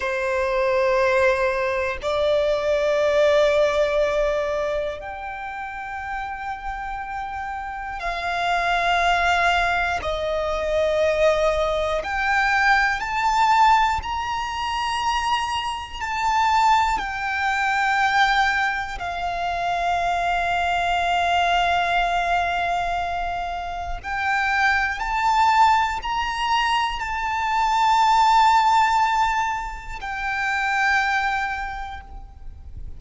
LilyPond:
\new Staff \with { instrumentName = "violin" } { \time 4/4 \tempo 4 = 60 c''2 d''2~ | d''4 g''2. | f''2 dis''2 | g''4 a''4 ais''2 |
a''4 g''2 f''4~ | f''1 | g''4 a''4 ais''4 a''4~ | a''2 g''2 | }